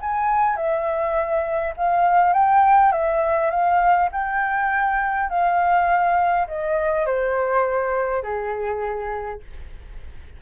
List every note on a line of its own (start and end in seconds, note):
0.00 0.56 G#5
0.56 1.74 E5
1.76 2.33 F5
2.33 2.92 G5
2.92 3.50 E5
3.50 4.09 F5
4.11 5.29 G5
5.29 6.47 F5
6.47 7.06 D#5
7.06 8.22 C5
8.22 9.40 G#4